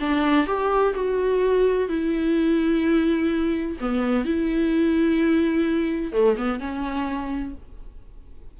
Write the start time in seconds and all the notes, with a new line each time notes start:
0.00 D4
0.47 G4
0.94 F#4
1.88 E4
3.80 B3
4.25 E4
6.12 A3
6.37 B3
6.59 C#4